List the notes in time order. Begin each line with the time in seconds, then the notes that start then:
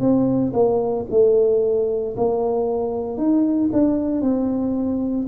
0.00 C4
0.54 A#3
1.11 A3
2.17 A#3
3.18 D#4
3.73 D4
4.22 C4